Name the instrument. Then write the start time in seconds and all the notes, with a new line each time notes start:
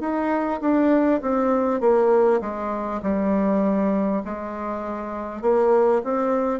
bassoon
0.00 D#4
0.61 D4
1.22 C4
1.81 A#3
2.41 G#3
3.03 G3
4.25 G#3
5.42 A#3
6.04 C4